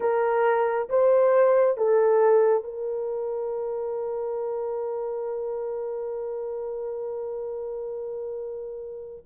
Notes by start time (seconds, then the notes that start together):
0.00 A#4
0.89 C5
1.77 A4
2.63 A#4